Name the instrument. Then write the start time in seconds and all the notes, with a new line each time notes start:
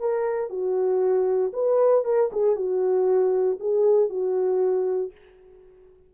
horn
0.00 A#4
0.50 F#4
1.53 B4
2.05 A#4
2.32 G#4
2.56 F#4
3.60 G#4
4.10 F#4